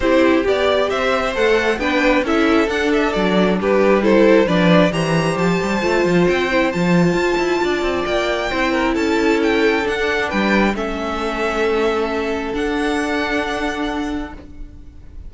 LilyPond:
<<
  \new Staff \with { instrumentName = "violin" } { \time 4/4 \tempo 4 = 134 c''4 d''4 e''4 fis''4 | g''4 e''4 fis''8 e''8 d''4 | b'4 c''4 d''4 ais''4 | a''2 g''4 a''4~ |
a''2 g''2 | a''4 g''4 fis''4 g''4 | e''1 | fis''1 | }
  \new Staff \with { instrumentName = "violin" } { \time 4/4 g'2 c''2 | b'4 a'2. | g'4 a'4 b'4 c''4~ | c''1~ |
c''4 d''2 c''8 ais'8 | a'2. b'4 | a'1~ | a'1 | }
  \new Staff \with { instrumentName = "viola" } { \time 4/4 e'4 g'2 a'4 | d'4 e'4 d'2~ | d'4 e'4 d'4 g'4~ | g'4 f'4. e'8 f'4~ |
f'2. e'4~ | e'2 d'2 | cis'1 | d'1 | }
  \new Staff \with { instrumentName = "cello" } { \time 4/4 c'4 b4 c'4 a4 | b4 cis'4 d'4 fis4 | g2 f4 e4 | f8 g8 a8 f8 c'4 f4 |
f'8 e'8 d'8 c'8 ais4 c'4 | cis'2 d'4 g4 | a1 | d'1 | }
>>